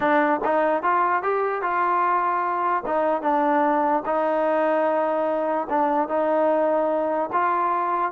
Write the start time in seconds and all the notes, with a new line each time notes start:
0.00 D4
0.44 D#4
0.82 F4
1.23 G4
1.62 F4
2.86 D#4
3.22 D4
4.05 D#4
5.69 D4
6.08 D#4
7.32 F4